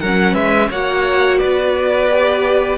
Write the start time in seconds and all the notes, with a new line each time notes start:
0.00 F#3 C#4 A#4 F#5
0.34 G#3 B4 E5
0.69 A#3 F#4 C#5 F#5
1.38 B3 B4 D5
2.10 G4